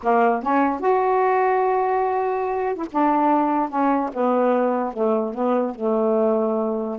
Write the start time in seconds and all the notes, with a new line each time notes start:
0.02 A#3
0.42 C#4
0.80 F#4
2.75 E4
2.91 D4
3.69 C#4
4.13 B3
4.93 A3
5.33 B3
5.75 A3